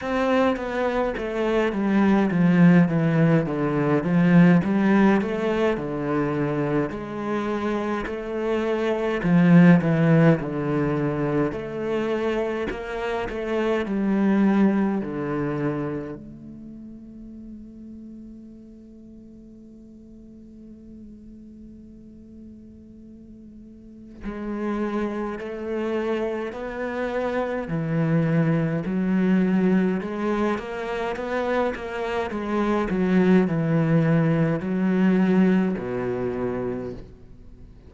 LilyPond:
\new Staff \with { instrumentName = "cello" } { \time 4/4 \tempo 4 = 52 c'8 b8 a8 g8 f8 e8 d8 f8 | g8 a8 d4 gis4 a4 | f8 e8 d4 a4 ais8 a8 | g4 d4 a2~ |
a1~ | a4 gis4 a4 b4 | e4 fis4 gis8 ais8 b8 ais8 | gis8 fis8 e4 fis4 b,4 | }